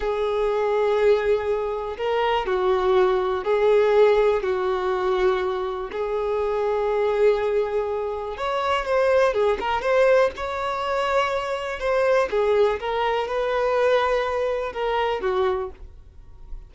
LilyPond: \new Staff \with { instrumentName = "violin" } { \time 4/4 \tempo 4 = 122 gis'1 | ais'4 fis'2 gis'4~ | gis'4 fis'2. | gis'1~ |
gis'4 cis''4 c''4 gis'8 ais'8 | c''4 cis''2. | c''4 gis'4 ais'4 b'4~ | b'2 ais'4 fis'4 | }